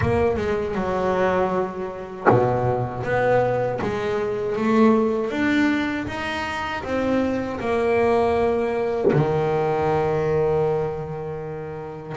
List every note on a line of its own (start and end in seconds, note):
0.01 0.36 A#3
0.36 0.74 G#3
0.74 2.26 F#3
2.29 3.03 B2
3.03 3.79 B3
3.81 4.56 G#3
4.56 5.30 A3
5.30 6.06 D4
6.07 6.83 D#4
6.84 7.59 C4
7.59 9.11 A#3
9.12 12.16 D#3